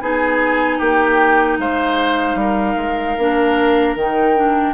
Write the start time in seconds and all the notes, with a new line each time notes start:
0.00 B3 D#4 G#4 G#5
0.79 A#3 G4 G5
1.59 G#3 C5 F5
2.35 G3 A#4
2.76 G#3
3.18 A#3 D4
3.96 D#3 D#4 G5
4.36 D4